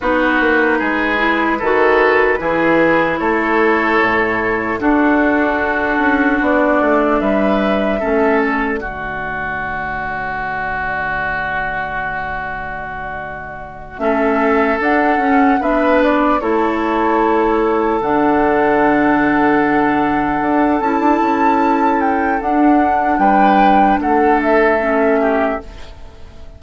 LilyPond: <<
  \new Staff \with { instrumentName = "flute" } { \time 4/4 \tempo 4 = 75 b'1 | cis''2 a'2 | d''4 e''4. d''4.~ | d''1~ |
d''4. e''4 fis''4 e''8 | d''8 cis''2 fis''4.~ | fis''2 a''4. g''8 | fis''4 g''4 fis''8 e''4. | }
  \new Staff \with { instrumentName = "oboe" } { \time 4/4 fis'4 gis'4 a'4 gis'4 | a'2 fis'2~ | fis'4 b'4 a'4 fis'4~ | fis'1~ |
fis'4. a'2 b'8~ | b'8 a'2.~ a'8~ | a'1~ | a'4 b'4 a'4. g'8 | }
  \new Staff \with { instrumentName = "clarinet" } { \time 4/4 dis'4. e'8 fis'4 e'4~ | e'2 d'2~ | d'2 cis'4 a4~ | a1~ |
a4. cis'4 d'8 cis'8 d'8~ | d'8 e'2 d'4.~ | d'2 e'2 | d'2. cis'4 | }
  \new Staff \with { instrumentName = "bassoon" } { \time 4/4 b8 ais8 gis4 dis4 e4 | a4 a,4 d'4. cis'8 | b8 a8 g4 a4 d4~ | d1~ |
d4. a4 d'8 cis'8 b8~ | b8 a2 d4.~ | d4. d'8 cis'16 d'16 cis'4. | d'4 g4 a2 | }
>>